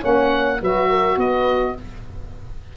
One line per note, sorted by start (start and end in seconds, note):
0.00 0.61 A#3
0.00 0.57 C#4
0.00 0.57 C#5
0.00 0.61 F#5
0.61 1.16 F#3
0.61 1.76 F#4
0.61 0.89 B4
0.61 1.19 E5
0.89 1.17 A#4
1.16 1.73 B3
1.16 1.74 B4
1.16 1.76 D#5